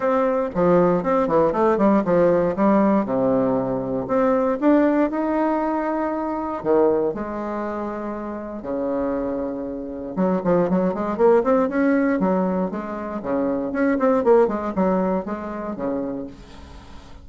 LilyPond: \new Staff \with { instrumentName = "bassoon" } { \time 4/4 \tempo 4 = 118 c'4 f4 c'8 e8 a8 g8 | f4 g4 c2 | c'4 d'4 dis'2~ | dis'4 dis4 gis2~ |
gis4 cis2. | fis8 f8 fis8 gis8 ais8 c'8 cis'4 | fis4 gis4 cis4 cis'8 c'8 | ais8 gis8 fis4 gis4 cis4 | }